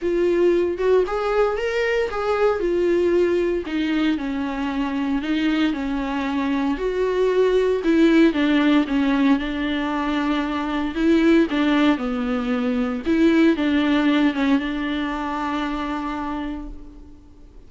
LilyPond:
\new Staff \with { instrumentName = "viola" } { \time 4/4 \tempo 4 = 115 f'4. fis'8 gis'4 ais'4 | gis'4 f'2 dis'4 | cis'2 dis'4 cis'4~ | cis'4 fis'2 e'4 |
d'4 cis'4 d'2~ | d'4 e'4 d'4 b4~ | b4 e'4 d'4. cis'8 | d'1 | }